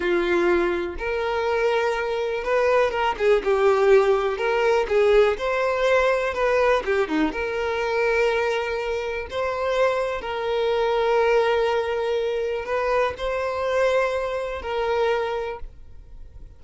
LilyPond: \new Staff \with { instrumentName = "violin" } { \time 4/4 \tempo 4 = 123 f'2 ais'2~ | ais'4 b'4 ais'8 gis'8 g'4~ | g'4 ais'4 gis'4 c''4~ | c''4 b'4 g'8 dis'8 ais'4~ |
ais'2. c''4~ | c''4 ais'2.~ | ais'2 b'4 c''4~ | c''2 ais'2 | }